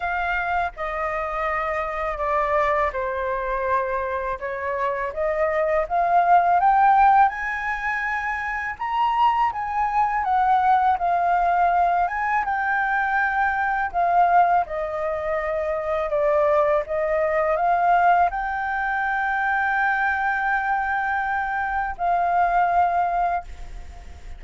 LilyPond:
\new Staff \with { instrumentName = "flute" } { \time 4/4 \tempo 4 = 82 f''4 dis''2 d''4 | c''2 cis''4 dis''4 | f''4 g''4 gis''2 | ais''4 gis''4 fis''4 f''4~ |
f''8 gis''8 g''2 f''4 | dis''2 d''4 dis''4 | f''4 g''2.~ | g''2 f''2 | }